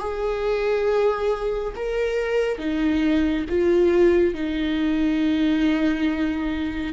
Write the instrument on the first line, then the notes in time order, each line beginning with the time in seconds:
viola
0.00 G#4
1.76 A#4
2.59 D#4
3.49 F4
4.34 D#4